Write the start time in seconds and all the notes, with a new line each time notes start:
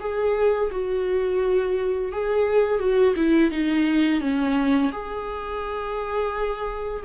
0.00 G#4
0.71 F#4
2.12 G#4
2.79 F#4
3.16 E4
3.51 D#4
4.21 C#4
4.92 G#4